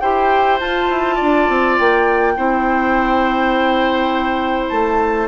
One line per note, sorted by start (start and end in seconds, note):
0.00 0.61 E4
0.00 0.60 G4
0.00 1.16 C5
0.00 0.59 G5
0.60 2.37 F4
0.60 0.90 F4
0.60 1.78 A5
0.90 1.19 E4
1.16 2.33 D5
1.22 1.49 D4
1.49 1.79 C4
1.78 2.37 A#3
1.78 4.69 G5
2.37 4.72 C4
2.37 5.29 E4
2.37 5.29 C5
4.69 5.29 A3
4.69 5.28 A5